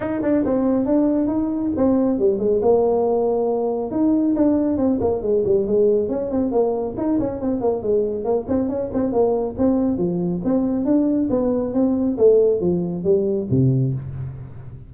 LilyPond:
\new Staff \with { instrumentName = "tuba" } { \time 4/4 \tempo 4 = 138 dis'8 d'8 c'4 d'4 dis'4 | c'4 g8 gis8 ais2~ | ais4 dis'4 d'4 c'8 ais8 | gis8 g8 gis4 cis'8 c'8 ais4 |
dis'8 cis'8 c'8 ais8 gis4 ais8 c'8 | cis'8 c'8 ais4 c'4 f4 | c'4 d'4 b4 c'4 | a4 f4 g4 c4 | }